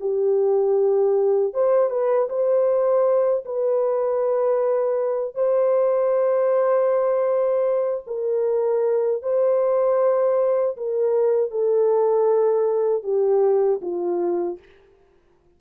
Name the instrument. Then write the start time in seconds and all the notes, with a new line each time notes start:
horn
0.00 G4
1.54 C5
1.90 B4
2.29 C5
3.45 B4
5.35 C5
8.07 A#4
9.23 C5
10.77 A#4
11.51 A4
13.03 G4
13.82 F4